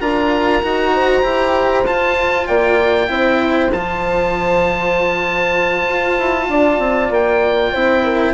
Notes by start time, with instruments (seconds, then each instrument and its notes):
0.00 bassoon D4, cello F4, horn A#4, oboe A#5
0.62 bassoon D#4, cello F#4
0.93 horn C5
1.22 bassoon E4, cello G4
1.85 bassoon F4, cello F4, oboe A5
2.47 bassoon A#3, horn D5, oboe G5
3.07 bassoon C4, cello E4, horn C5
3.72 bassoon F3, cello F4, oboe A5
5.87 bassoon F4
6.18 bassoon E4
6.48 bassoon D4, horn D5
6.78 bassoon C4
7.10 bassoon A#3, oboe G5
7.72 bassoon C4, cello E4, horn C5
8.04 horn A#4